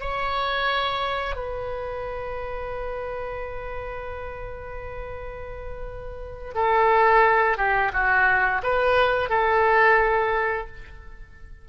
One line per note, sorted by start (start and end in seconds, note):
0.00 1.36 C#5
1.36 6.53 B4
6.54 7.57 A4
7.57 7.92 G4
7.92 8.61 F#4
8.63 9.29 B4
9.29 10.67 A4